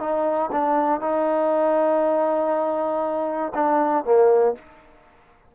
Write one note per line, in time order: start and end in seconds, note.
0.00 0.50 D#4
0.52 1.01 D4
1.01 3.53 D#4
3.54 4.05 D4
4.05 4.55 A#3